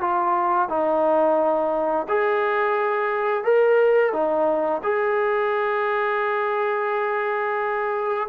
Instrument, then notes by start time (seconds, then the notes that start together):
trombone
0.00 F4
0.68 D#4
2.08 G#4
3.44 A#4
4.12 D#4
4.83 G#4